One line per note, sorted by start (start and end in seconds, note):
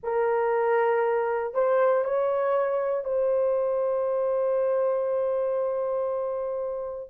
0.03 1.53 A#4
1.53 2.04 C5
2.04 3.04 C#5
3.04 7.10 C5